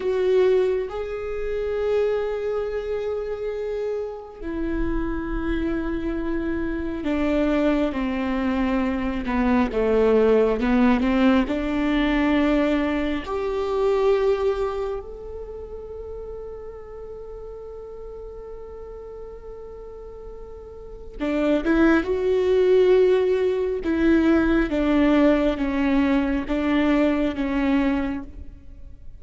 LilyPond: \new Staff \with { instrumentName = "viola" } { \time 4/4 \tempo 4 = 68 fis'4 gis'2.~ | gis'4 e'2. | d'4 c'4. b8 a4 | b8 c'8 d'2 g'4~ |
g'4 a'2.~ | a'1 | d'8 e'8 fis'2 e'4 | d'4 cis'4 d'4 cis'4 | }